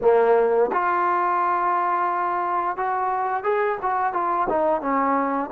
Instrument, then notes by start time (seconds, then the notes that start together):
trombone
0.01 A#3
0.72 F4
2.76 F#4
3.43 G#4
3.82 F#4
4.13 F4
4.49 D#4
4.81 C#4